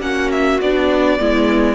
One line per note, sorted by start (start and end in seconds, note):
0.00 0.58 A#3
0.00 0.59 C#4
0.00 1.19 F#4
0.00 0.30 F#5
0.31 0.60 E5
0.60 1.19 B3
0.60 1.19 D4
0.60 1.74 D5
1.19 1.74 G#3
1.19 1.74 B3
1.19 1.74 E4